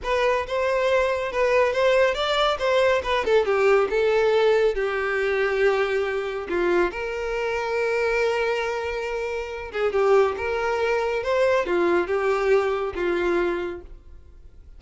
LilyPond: \new Staff \with { instrumentName = "violin" } { \time 4/4 \tempo 4 = 139 b'4 c''2 b'4 | c''4 d''4 c''4 b'8 a'8 | g'4 a'2 g'4~ | g'2. f'4 |
ais'1~ | ais'2~ ais'8 gis'8 g'4 | ais'2 c''4 f'4 | g'2 f'2 | }